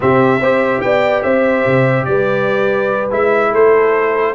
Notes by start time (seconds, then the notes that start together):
0.00 C3 C4 G4 E5
0.40 C4 G4 C5
0.81 B3 D5 G5
1.22 C4 C5 E5
1.66 C3
2.04 G3 B4 D5
3.11 G#3 E4 E5
3.51 A3 A4 C5